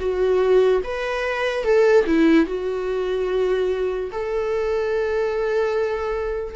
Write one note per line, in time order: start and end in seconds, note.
0.00 0.82 F#4
0.84 1.64 B4
1.64 2.05 A4
2.07 2.47 E4
2.47 4.11 F#4
4.12 6.56 A4